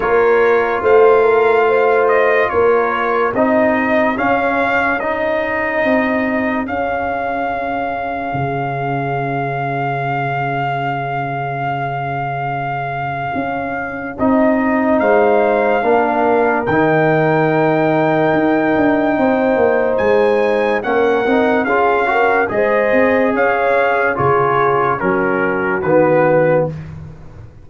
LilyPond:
<<
  \new Staff \with { instrumentName = "trumpet" } { \time 4/4 \tempo 4 = 72 cis''4 f''4. dis''8 cis''4 | dis''4 f''4 dis''2 | f''1~ | f''1~ |
f''4 dis''4 f''2 | g''1 | gis''4 fis''4 f''4 dis''4 | f''4 cis''4 ais'4 b'4 | }
  \new Staff \with { instrumentName = "horn" } { \time 4/4 ais'4 c''8 ais'8 c''4 ais'4 | gis'1~ | gis'1~ | gis'1~ |
gis'2 c''4 ais'4~ | ais'2. c''4~ | c''4 ais'4 gis'8 ais'8 c''4 | cis''4 gis'4 fis'2 | }
  \new Staff \with { instrumentName = "trombone" } { \time 4/4 f'1 | dis'4 cis'4 dis'2 | cis'1~ | cis'1~ |
cis'4 dis'2 d'4 | dis'1~ | dis'4 cis'8 dis'8 f'8 fis'8 gis'4~ | gis'4 f'4 cis'4 b4 | }
  \new Staff \with { instrumentName = "tuba" } { \time 4/4 ais4 a2 ais4 | c'4 cis'2 c'4 | cis'2 cis2~ | cis1 |
cis'4 c'4 gis4 ais4 | dis2 dis'8 d'8 c'8 ais8 | gis4 ais8 c'8 cis'4 gis8 c'8 | cis'4 cis4 fis4 dis4 | }
>>